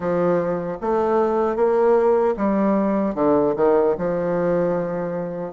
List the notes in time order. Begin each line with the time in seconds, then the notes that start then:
0.00 F3
0.81 A3
1.56 A#3
2.36 G3
3.14 D3
3.56 D#3
3.98 F3